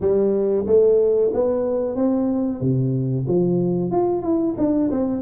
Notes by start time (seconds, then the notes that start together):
0.00 G3
0.66 A3
1.33 B3
1.95 C4
2.61 C3
3.27 F3
3.91 F4
4.22 E4
4.57 D4
4.90 C4